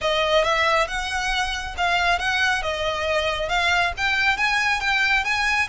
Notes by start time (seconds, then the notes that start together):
0.01 D#5
0.44 E5
0.87 F#5
1.77 F5
2.18 F#5
2.62 D#5
3.49 F5
3.97 G5
4.37 G#5
4.80 G5
5.24 G#5